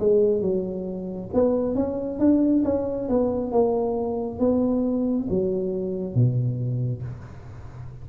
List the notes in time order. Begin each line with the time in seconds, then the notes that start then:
0.00 G#3
0.42 F#3
1.34 B3
1.75 C#4
2.20 D4
2.65 C#4
3.09 B3
3.52 A#3
4.40 B3
5.30 F#3
6.15 B2